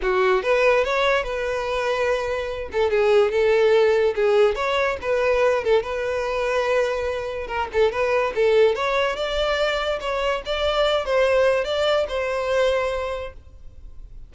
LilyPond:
\new Staff \with { instrumentName = "violin" } { \time 4/4 \tempo 4 = 144 fis'4 b'4 cis''4 b'4~ | b'2~ b'8 a'8 gis'4 | a'2 gis'4 cis''4 | b'4. a'8 b'2~ |
b'2 ais'8 a'8 b'4 | a'4 cis''4 d''2 | cis''4 d''4. c''4. | d''4 c''2. | }